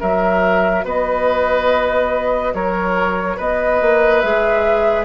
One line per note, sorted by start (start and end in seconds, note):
0.00 0.84 F#3
0.00 4.23 F#4
0.00 0.85 A#4
0.00 0.85 E5
0.84 2.53 B3
0.84 2.54 B4
0.84 2.54 D#5
2.54 3.38 F#3
2.54 3.36 A#4
2.54 3.38 C#5
3.36 3.81 B3
3.36 5.05 B4
3.36 4.20 D#5
3.81 4.23 A#3
4.20 5.05 G#3
4.20 5.05 G#4
4.20 5.05 E5